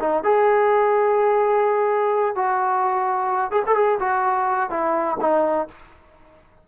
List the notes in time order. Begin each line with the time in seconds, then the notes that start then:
0.00 D#4
0.23 G#4
2.35 F#4
3.51 G#4
3.66 A4
3.75 G#4
3.99 F#4
4.70 E4
5.20 D#4